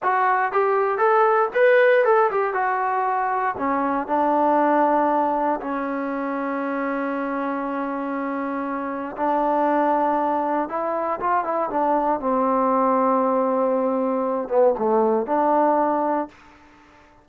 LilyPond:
\new Staff \with { instrumentName = "trombone" } { \time 4/4 \tempo 4 = 118 fis'4 g'4 a'4 b'4 | a'8 g'8 fis'2 cis'4 | d'2. cis'4~ | cis'1~ |
cis'2 d'2~ | d'4 e'4 f'8 e'8 d'4 | c'1~ | c'8 b8 a4 d'2 | }